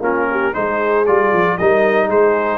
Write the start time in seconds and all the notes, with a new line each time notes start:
0.00 A#3 C#4 F4 A#4
0.31 G4
0.53 G#3 D#4 G#4 C5
1.06 G3 F4 D5
1.33 F3
1.57 G3 D#4 A#4 D#5
2.06 G#3 G#4 C5